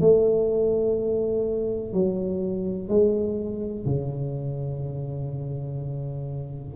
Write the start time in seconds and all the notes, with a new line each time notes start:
0.00 A3
1.93 F#3
2.89 G#3
3.85 C#3